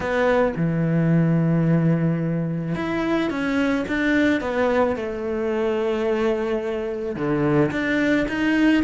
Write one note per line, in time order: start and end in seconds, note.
0.00 0.53 B3
0.56 2.75 E3
2.75 3.30 E4
3.30 3.85 C#4
3.88 4.40 D4
4.40 4.95 B3
4.95 7.15 A3
7.15 7.70 D3
7.71 8.26 D4
8.28 8.83 D#4